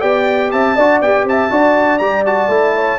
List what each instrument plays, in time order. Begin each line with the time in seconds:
0.00 tuba B3, trombone G4, horn D5, trumpet G5
0.51 tuba C4, horn E5, trumpet A5
0.76 tuba D4, trombone F#4, horn D5
1.01 tuba B3, trombone G4, trumpet G5
1.23 tuba C4, horn E5, trumpet A5
1.50 tuba D4, trombone F#4, horn D5
1.98 tuba G3, trombone G4, trumpet A#5
2.26 trombone F#4, trumpet A5
2.48 tuba A3, trombone E4
2.76 horn C#5